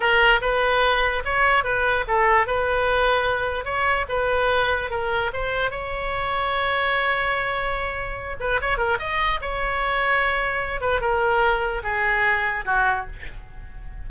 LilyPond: \new Staff \with { instrumentName = "oboe" } { \time 4/4 \tempo 4 = 147 ais'4 b'2 cis''4 | b'4 a'4 b'2~ | b'4 cis''4 b'2 | ais'4 c''4 cis''2~ |
cis''1~ | cis''8 b'8 cis''8 ais'8 dis''4 cis''4~ | cis''2~ cis''8 b'8 ais'4~ | ais'4 gis'2 fis'4 | }